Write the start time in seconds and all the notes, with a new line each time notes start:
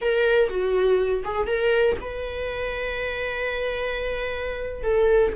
0.01 A#4
0.49 F#4
1.24 G#4
1.46 A#4
2.01 B4
4.83 A4